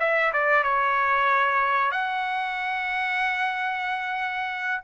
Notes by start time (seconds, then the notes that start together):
0.00 E5
0.33 D5
0.64 C#5
1.91 F#5